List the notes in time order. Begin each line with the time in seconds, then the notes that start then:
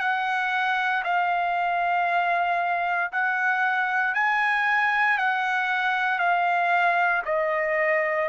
0.00 F#5
1.04 F5
3.12 F#5
4.15 G#5
5.18 F#5
6.19 F5
7.26 D#5